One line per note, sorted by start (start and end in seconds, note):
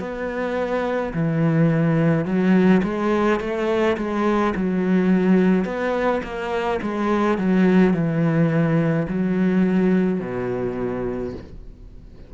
0.00 1.13 B3
1.14 2.25 E3
2.25 2.81 F#3
2.84 3.40 G#3
3.40 3.97 A3
3.97 4.54 G#3
4.56 5.65 F#3
5.65 6.22 B3
6.24 6.80 A#3
6.82 7.38 G#3
7.38 7.93 F#3
7.93 9.07 E3
9.09 10.20 F#3
10.20 11.34 B2